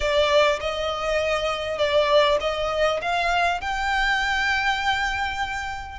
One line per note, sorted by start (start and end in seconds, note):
0.00 0.59 D5
0.60 1.78 D#5
1.78 2.38 D5
2.40 3.00 D#5
3.01 3.60 F5
3.60 5.99 G5